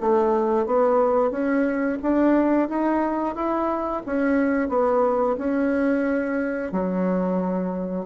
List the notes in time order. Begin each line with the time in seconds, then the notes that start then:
0.00 A3
0.66 B3
1.31 C#4
2.02 D4
2.68 D#4
3.35 E4
4.05 C#4
4.69 B3
5.37 C#4
6.72 F#3